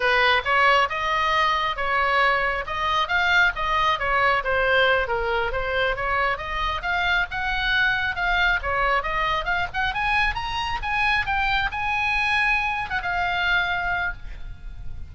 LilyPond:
\new Staff \with { instrumentName = "oboe" } { \time 4/4 \tempo 4 = 136 b'4 cis''4 dis''2 | cis''2 dis''4 f''4 | dis''4 cis''4 c''4. ais'8~ | ais'8 c''4 cis''4 dis''4 f''8~ |
f''8 fis''2 f''4 cis''8~ | cis''8 dis''4 f''8 fis''8 gis''4 ais''8~ | ais''8 gis''4 g''4 gis''4.~ | gis''4~ gis''16 fis''16 f''2~ f''8 | }